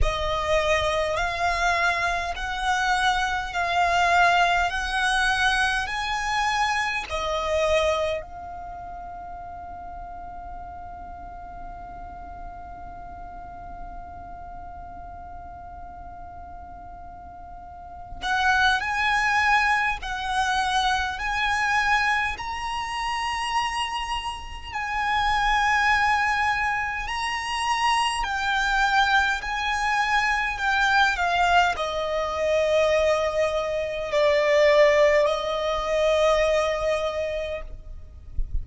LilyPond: \new Staff \with { instrumentName = "violin" } { \time 4/4 \tempo 4 = 51 dis''4 f''4 fis''4 f''4 | fis''4 gis''4 dis''4 f''4~ | f''1~ | f''2.~ f''8 fis''8 |
gis''4 fis''4 gis''4 ais''4~ | ais''4 gis''2 ais''4 | g''4 gis''4 g''8 f''8 dis''4~ | dis''4 d''4 dis''2 | }